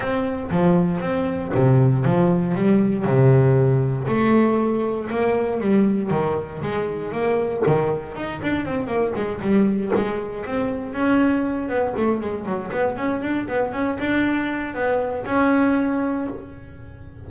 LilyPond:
\new Staff \with { instrumentName = "double bass" } { \time 4/4 \tempo 4 = 118 c'4 f4 c'4 c4 | f4 g4 c2 | a2 ais4 g4 | dis4 gis4 ais4 dis4 |
dis'8 d'8 c'8 ais8 gis8 g4 gis8~ | gis8 c'4 cis'4. b8 a8 | gis8 fis8 b8 cis'8 d'8 b8 cis'8 d'8~ | d'4 b4 cis'2 | }